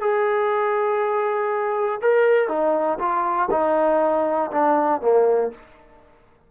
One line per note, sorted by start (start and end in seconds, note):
0.00 2.00 G#4
2.01 2.48 A#4
2.48 2.98 D#4
2.98 3.48 F4
3.50 4.50 D#4
4.51 5.01 D4
5.01 5.51 A#3